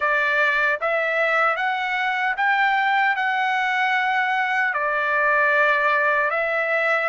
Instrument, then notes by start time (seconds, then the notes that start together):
trumpet
0.00 D5
0.80 E5
1.56 F#5
2.36 G5
3.15 F#5
4.73 D5
6.30 E5